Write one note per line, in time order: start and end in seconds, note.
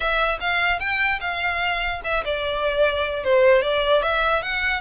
0.00 0.38 E5
0.40 0.79 F5
0.79 1.19 G5
1.20 2.01 F5
2.04 2.24 E5
2.24 3.24 D5
3.24 3.61 C5
3.61 4.02 D5
4.02 4.42 E5
4.42 4.81 F#5